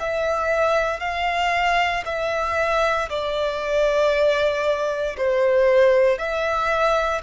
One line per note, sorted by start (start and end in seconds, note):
0.00 1.00 E5
1.00 2.03 F5
2.06 3.09 E5
3.09 5.16 D5
5.18 6.18 C5
6.18 7.22 E5